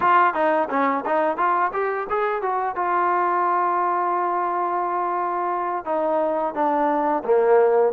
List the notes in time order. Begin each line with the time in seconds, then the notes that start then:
0.00 F4
0.34 D#4
0.69 C#4
1.05 D#4
1.37 F4
1.72 G4
2.09 G#4
2.42 F#4
2.75 F4
5.85 D#4
6.54 D4
7.24 A#3